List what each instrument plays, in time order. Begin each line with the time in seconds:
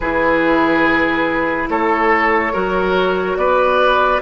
0.00 bassoon E3, clarinet E4, oboe G#4, flute B4
1.68 bassoon A3, oboe A4, flute C#5
2.52 bassoon F#3, clarinet F#4, oboe A#4
3.36 bassoon B3, oboe B4, flute D5